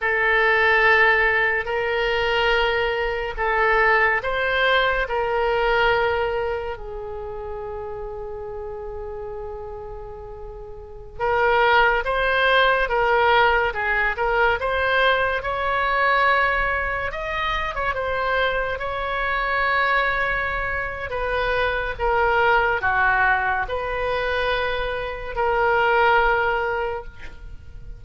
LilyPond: \new Staff \with { instrumentName = "oboe" } { \time 4/4 \tempo 4 = 71 a'2 ais'2 | a'4 c''4 ais'2 | gis'1~ | gis'4~ gis'16 ais'4 c''4 ais'8.~ |
ais'16 gis'8 ais'8 c''4 cis''4.~ cis''16~ | cis''16 dis''8. cis''16 c''4 cis''4.~ cis''16~ | cis''4 b'4 ais'4 fis'4 | b'2 ais'2 | }